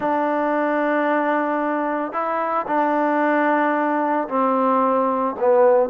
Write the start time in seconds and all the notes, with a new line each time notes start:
0.00 D4
2.12 E4
2.67 D4
4.28 C4
5.39 B3